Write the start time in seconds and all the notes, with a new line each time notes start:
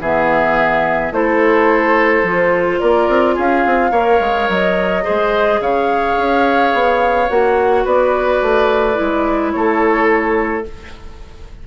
0.00 E3 B3 G#4 E5
1.11 A3 E4 A4 C5
2.23 F3 F4
2.79 A#3 A#4 D5
3.08 C4
3.34 C#4 G#4 F5
3.66 C4
3.91 A#3 A#4 C#5
4.20 G#3
4.49 F#3 D#5
5.03 G#4 C5
5.09 G#3
5.60 C#3 C#5 F5
6.17 C#4
6.73 B3
7.29 A#3 F#4 F#5
7.84 B3 B4 D5
8.42 A3
8.94 G#3 E4
9.51 A3 A4 C#5